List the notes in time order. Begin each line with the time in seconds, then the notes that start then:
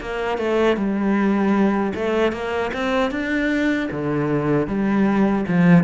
0.00 A#3
0.38 A3
0.76 G3
1.94 A3
2.32 A#3
2.73 C4
3.11 D4
3.91 D3
4.67 G3
5.48 F3